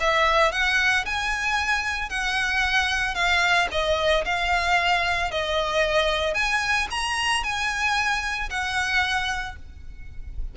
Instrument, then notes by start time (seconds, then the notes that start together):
violin
0.00 E5
0.52 F#5
1.05 G#5
2.09 F#5
3.14 F5
3.71 D#5
4.25 F5
5.31 D#5
6.34 G#5
6.91 A#5
7.43 G#5
8.49 F#5